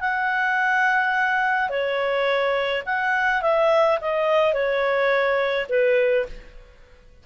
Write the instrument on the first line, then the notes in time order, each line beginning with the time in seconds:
clarinet
0.00 F#5
1.69 C#5
2.86 F#5
3.42 E5
4.01 D#5
4.53 C#5
5.69 B4